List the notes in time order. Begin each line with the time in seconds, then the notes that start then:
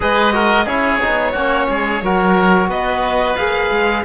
0.00 G#3 G#4 B4 D#5
0.32 F#4 A#4
0.64 C#4 E4 G#4 C#5
1.00 B3 D#4
1.32 A#3 C#4 F#4
1.69 G#3 G#4
2.01 F#3 F#4 A#4
2.68 B3 B4 D#5
3.36 A#3 G#4 F5
3.70 G#3